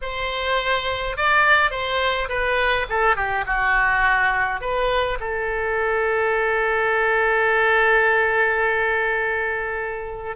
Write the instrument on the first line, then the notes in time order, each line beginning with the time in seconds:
oboe
0.01 C5
1.16 D5
1.70 C5
2.28 B4
2.89 A4
3.16 G4
3.46 F#4
4.60 B4
5.20 A4